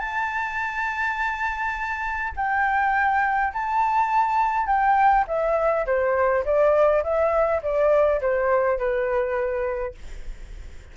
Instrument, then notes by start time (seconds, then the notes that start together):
flute
0.00 A5
2.37 G5
3.54 A5
4.67 G5
5.28 E5
5.86 C5
6.45 D5
7.04 E5
7.63 D5
8.21 C5
8.79 B4